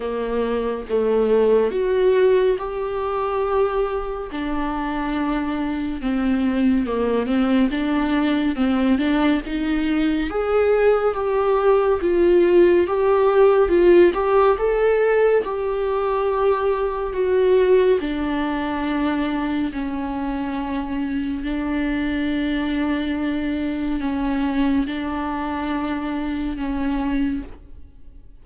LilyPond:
\new Staff \with { instrumentName = "viola" } { \time 4/4 \tempo 4 = 70 ais4 a4 fis'4 g'4~ | g'4 d'2 c'4 | ais8 c'8 d'4 c'8 d'8 dis'4 | gis'4 g'4 f'4 g'4 |
f'8 g'8 a'4 g'2 | fis'4 d'2 cis'4~ | cis'4 d'2. | cis'4 d'2 cis'4 | }